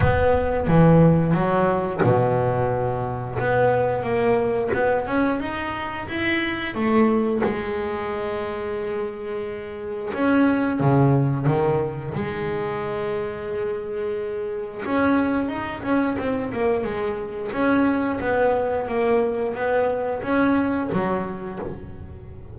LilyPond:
\new Staff \with { instrumentName = "double bass" } { \time 4/4 \tempo 4 = 89 b4 e4 fis4 b,4~ | b,4 b4 ais4 b8 cis'8 | dis'4 e'4 a4 gis4~ | gis2. cis'4 |
cis4 dis4 gis2~ | gis2 cis'4 dis'8 cis'8 | c'8 ais8 gis4 cis'4 b4 | ais4 b4 cis'4 fis4 | }